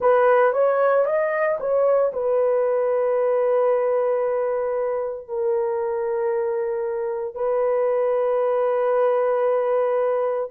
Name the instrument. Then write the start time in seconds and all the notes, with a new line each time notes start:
horn
0.00 B4
0.53 C#5
1.05 D#5
1.59 C#5
2.12 B4
5.27 A#4
7.34 B4